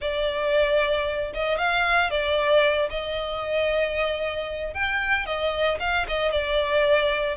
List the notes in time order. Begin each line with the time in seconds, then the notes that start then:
0.01 D5
1.33 D#5
1.58 F5
2.10 D5
2.89 D#5
4.73 G5
5.25 D#5
5.79 F5
6.08 D#5
6.31 D5